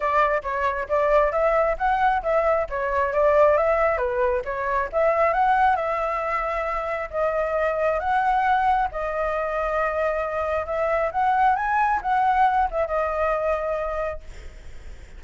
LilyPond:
\new Staff \with { instrumentName = "flute" } { \time 4/4 \tempo 4 = 135 d''4 cis''4 d''4 e''4 | fis''4 e''4 cis''4 d''4 | e''4 b'4 cis''4 e''4 | fis''4 e''2. |
dis''2 fis''2 | dis''1 | e''4 fis''4 gis''4 fis''4~ | fis''8 e''8 dis''2. | }